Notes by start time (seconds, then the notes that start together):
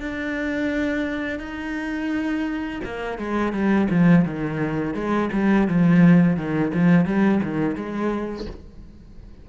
0.00 D4
1.39 D#4
2.84 A#3
3.18 G#3
3.52 G3
3.90 F3
4.25 D#3
4.94 G#3
5.32 G3
5.68 F3
6.36 D#3
6.73 F3
7.05 G3
7.43 D#3
7.75 G#3